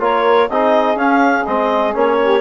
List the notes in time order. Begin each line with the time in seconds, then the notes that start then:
0.00 A#3 F4 A#4 C#5
0.49 C4 D#4 G#4 D#5
0.96 C#4 F5
1.45 G#3 C4 D#5
1.93 A#3 C#4 C#5
2.21 G4